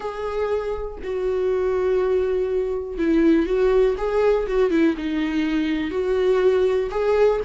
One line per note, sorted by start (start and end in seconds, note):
0.00 0.98 G#4
1.03 2.98 F#4
2.98 3.46 E4
3.46 3.95 F#4
3.97 4.47 G#4
4.47 4.70 F#4
4.70 4.95 E4
4.97 5.91 D#4
5.91 6.90 F#4
6.90 7.40 G#4